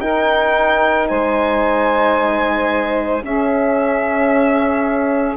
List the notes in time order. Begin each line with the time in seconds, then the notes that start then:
0.00 D#4 A#4 G5
1.09 G#3 C5 G#5
3.22 C#4 G#4 E5